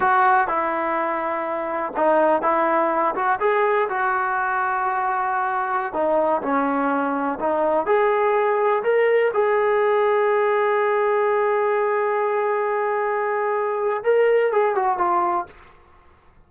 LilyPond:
\new Staff \with { instrumentName = "trombone" } { \time 4/4 \tempo 4 = 124 fis'4 e'2. | dis'4 e'4. fis'8 gis'4 | fis'1~ | fis'16 dis'4 cis'2 dis'8.~ |
dis'16 gis'2 ais'4 gis'8.~ | gis'1~ | gis'1~ | gis'4 ais'4 gis'8 fis'8 f'4 | }